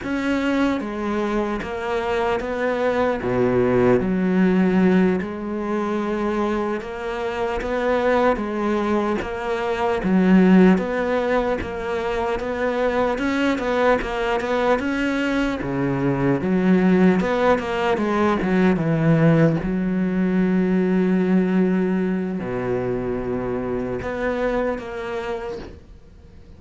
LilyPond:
\new Staff \with { instrumentName = "cello" } { \time 4/4 \tempo 4 = 75 cis'4 gis4 ais4 b4 | b,4 fis4. gis4.~ | gis8 ais4 b4 gis4 ais8~ | ais8 fis4 b4 ais4 b8~ |
b8 cis'8 b8 ais8 b8 cis'4 cis8~ | cis8 fis4 b8 ais8 gis8 fis8 e8~ | e8 fis2.~ fis8 | b,2 b4 ais4 | }